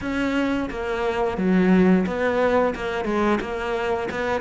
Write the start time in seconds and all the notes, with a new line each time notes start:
0.01 C#4
0.70 A#3
1.37 F#3
2.06 B3
2.75 A#3
3.05 G#3
3.41 A#3
4.11 B3